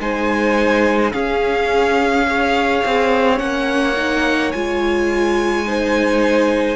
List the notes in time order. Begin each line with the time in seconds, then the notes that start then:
0.00 G#3 D#4 C5 G#5
1.12 C#4 G#4 F5
2.27 G#4 C#5
2.85 C4
3.37 A#3 C#4 F#5
3.97 D#4
4.52 G#3 F4 G#5
5.66 D#4 C5